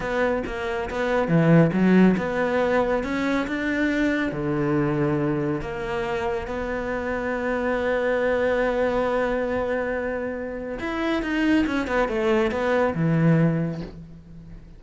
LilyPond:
\new Staff \with { instrumentName = "cello" } { \time 4/4 \tempo 4 = 139 b4 ais4 b4 e4 | fis4 b2 cis'4 | d'2 d2~ | d4 ais2 b4~ |
b1~ | b1~ | b4 e'4 dis'4 cis'8 b8 | a4 b4 e2 | }